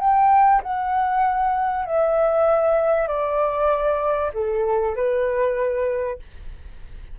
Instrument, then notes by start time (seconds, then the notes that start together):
flute
0.00 G5
0.63 F#5
1.85 E5
3.08 D5
4.34 A4
4.96 B4